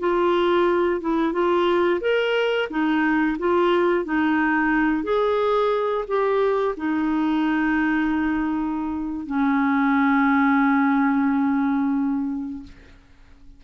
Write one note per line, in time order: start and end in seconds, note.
0.00 1.01 F4
1.01 1.33 E4
1.33 2.01 F4
2.01 2.69 A#4
2.70 3.38 D#4
3.39 4.05 F4
4.05 5.04 D#4
5.04 6.05 G#4
6.08 6.75 G4
6.77 9.27 D#4
9.27 12.64 C#4